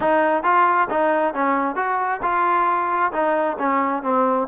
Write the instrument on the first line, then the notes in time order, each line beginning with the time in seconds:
trombone
0.00 D#4
0.43 F4
0.90 D#4
1.34 C#4
1.75 F#4
2.22 F4
3.12 D#4
3.59 C#4
4.03 C4